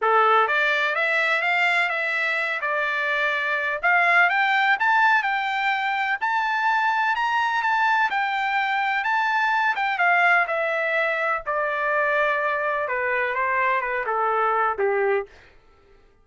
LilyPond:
\new Staff \with { instrumentName = "trumpet" } { \time 4/4 \tempo 4 = 126 a'4 d''4 e''4 f''4 | e''4. d''2~ d''8 | f''4 g''4 a''4 g''4~ | g''4 a''2 ais''4 |
a''4 g''2 a''4~ | a''8 g''8 f''4 e''2 | d''2. b'4 | c''4 b'8 a'4. g'4 | }